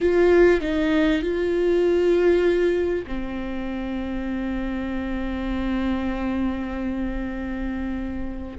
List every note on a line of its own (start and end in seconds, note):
0.01 0.60 F4
0.60 1.21 D#4
1.22 3.05 F4
3.06 8.57 C4